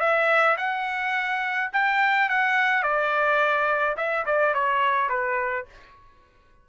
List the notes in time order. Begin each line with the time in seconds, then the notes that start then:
0.00 E5
0.57 F#5
1.73 G5
2.30 F#5
2.83 D5
3.97 E5
4.26 D5
4.54 C#5
5.09 B4